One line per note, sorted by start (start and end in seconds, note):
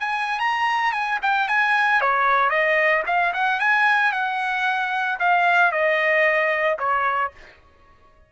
0.00 0.40 G#5
0.40 0.93 A#5
0.93 1.19 G#5
1.23 1.48 G5
1.48 2.01 G#5
2.01 2.50 C#5
2.50 3.03 D#5
3.07 3.34 F5
3.34 3.60 F#5
3.60 4.12 G#5
4.12 5.19 F#5
5.20 5.72 F5
5.72 6.78 D#5
6.79 7.32 C#5